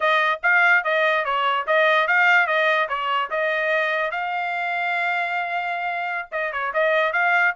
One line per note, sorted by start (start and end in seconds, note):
0.00 0.40 D#5
0.42 0.84 F5
0.84 1.24 D#5
1.24 1.66 C#5
1.67 2.07 D#5
2.07 2.46 F5
2.46 2.88 D#5
2.88 3.30 C#5
3.30 4.11 D#5
4.11 6.28 F5
6.31 6.52 D#5
6.52 6.72 C#5
6.73 7.12 D#5
7.12 7.54 F5